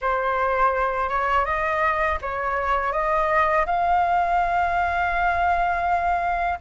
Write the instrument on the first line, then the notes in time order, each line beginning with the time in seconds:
flute
0.01 C5
1.09 C#5
1.45 D#5
2.21 C#5
2.92 D#5
3.66 F5